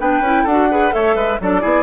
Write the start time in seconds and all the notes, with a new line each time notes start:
0.00 B3 D4 B4 G5
0.20 C#4 E4
0.43 D4 A4 F#5
0.50 F#4
0.71 G#4 B4
0.91 A3 A4 C#5 E5
1.15 G#3 B4
1.40 F#3 D4 A4 D5
1.61 B3 E4 G#4